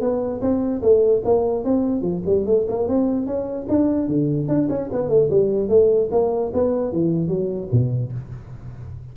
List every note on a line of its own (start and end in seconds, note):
0.00 0.41 B3
0.41 0.81 C4
0.82 1.22 A3
1.24 1.64 A#3
1.64 2.01 C4
2.01 2.21 F3
2.26 2.46 G3
2.46 2.66 A3
2.68 2.88 A#3
2.88 3.26 C4
3.26 3.67 C#4
3.69 4.08 D4
4.08 4.48 D3
4.48 4.68 D4
4.69 4.89 C#4
4.92 5.09 B3
5.09 5.29 A3
5.30 5.68 G3
5.68 6.09 A3
6.11 6.52 A#3
6.53 6.92 B3
6.92 7.28 E3
7.28 7.68 F#3
7.72 8.12 B2